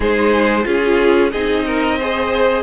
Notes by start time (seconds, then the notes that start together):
0.00 G#3 D#4 G#4 C5
0.63 C#4 F4 G#4
1.31 C4 D#4 G#4 D#5
1.65 A#4
1.98 G#4 C5